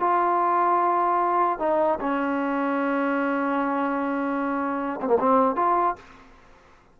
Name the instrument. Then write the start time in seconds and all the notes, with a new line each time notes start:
trombone
0.00 F4
1.59 D#4
2.01 C#4
5.02 C4
5.08 A#3
5.19 C4
5.56 F4